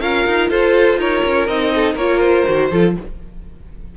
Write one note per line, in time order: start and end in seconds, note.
0.00 0.26 C#4
0.00 1.48 F4
0.00 0.51 A#4
0.00 0.49 F5
0.26 0.50 D#4
0.50 0.97 F4
0.50 1.00 A4
0.50 1.00 C5
0.97 1.22 D#4
0.97 1.73 A#4
0.97 1.47 C#5
1.25 1.48 C#4
1.47 1.95 C4
1.47 1.98 D#4
1.47 1.96 D#5
1.75 1.94 A4
1.94 2.44 A#3
1.94 2.47 F4
1.94 2.68 A#4
1.94 2.20 C#5
2.20 2.94 C5
2.47 2.72 D#3
2.47 2.71 F#4
2.71 2.96 F3
2.71 2.97 F4
2.71 2.96 A4